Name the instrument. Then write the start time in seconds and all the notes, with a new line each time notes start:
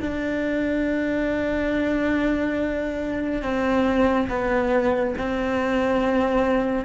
cello
0.00 D4
3.42 C4
4.29 B3
5.18 C4